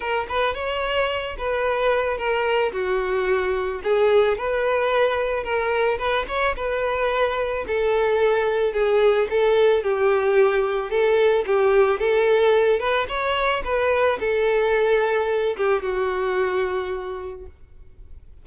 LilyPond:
\new Staff \with { instrumentName = "violin" } { \time 4/4 \tempo 4 = 110 ais'8 b'8 cis''4. b'4. | ais'4 fis'2 gis'4 | b'2 ais'4 b'8 cis''8 | b'2 a'2 |
gis'4 a'4 g'2 | a'4 g'4 a'4. b'8 | cis''4 b'4 a'2~ | a'8 g'8 fis'2. | }